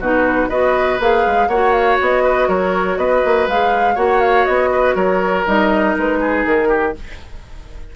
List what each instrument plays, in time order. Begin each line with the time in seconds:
0.00 bassoon B2, clarinet D#4, oboe F#4, flute B4
0.49 bassoon B3, clarinet F#4, oboe B4, flute D#5
1.00 bassoon A#3, clarinet G#4, flute F5
1.27 bassoon G#3
1.48 bassoon A#3, clarinet F#4, oboe C#5, flute F#5
1.73 flute F5
2.01 bassoon B3, flute D#5
2.24 oboe B4
2.48 bassoon F#3, oboe A#4, flute C#5
2.97 bassoon B3, oboe B4, flute D#5
3.25 bassoon A#3
3.48 bassoon G#3, clarinet G#4, flute F5
3.95 bassoon A#3, clarinet F#4, oboe C#5, flute F#5
4.21 flute F5
4.45 bassoon B3, flute D#5
4.72 oboe B4
4.95 bassoon F#3, oboe A#4, flute C#5
5.46 bassoon G3, clarinet D#4, flute D#5
5.98 bassoon G#3, flute B4
6.21 oboe G#4
6.46 bassoon D#3, flute A#4
6.69 oboe G4